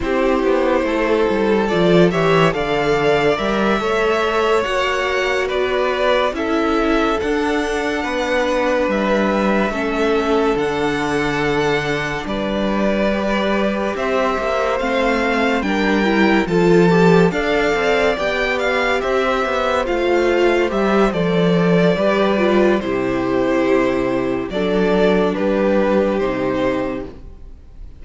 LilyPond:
<<
  \new Staff \with { instrumentName = "violin" } { \time 4/4 \tempo 4 = 71 c''2 d''8 e''8 f''4 | e''4. fis''4 d''4 e''8~ | e''8 fis''2 e''4.~ | e''8 fis''2 d''4.~ |
d''8 e''4 f''4 g''4 a''8~ | a''8 f''4 g''8 f''8 e''4 f''8~ | f''8 e''8 d''2 c''4~ | c''4 d''4 b'4 c''4 | }
  \new Staff \with { instrumentName = "violin" } { \time 4/4 g'4 a'4. cis''8 d''4~ | d''8 cis''2 b'4 a'8~ | a'4. b'2 a'8~ | a'2~ a'8 b'4.~ |
b'8 c''2 ais'4 a'8~ | a'8 d''2 c''4.~ | c''2 b'4 g'4~ | g'4 a'4 g'2 | }
  \new Staff \with { instrumentName = "viola" } { \time 4/4 e'2 f'8 g'8 a'4 | ais'8 a'4 fis'2 e'8~ | e'8 d'2. cis'8~ | cis'8 d'2. g'8~ |
g'4. c'4 d'8 e'8 f'8 | g'8 a'4 g'2 f'8~ | f'8 g'8 a'4 g'8 f'8 e'4~ | e'4 d'2 dis'4 | }
  \new Staff \with { instrumentName = "cello" } { \time 4/4 c'8 b8 a8 g8 f8 e8 d4 | g8 a4 ais4 b4 cis'8~ | cis'8 d'4 b4 g4 a8~ | a8 d2 g4.~ |
g8 c'8 ais8 a4 g4 f8~ | f8 d'8 c'8 b4 c'8 b8 a8~ | a8 g8 f4 g4 c4~ | c4 fis4 g4 c4 | }
>>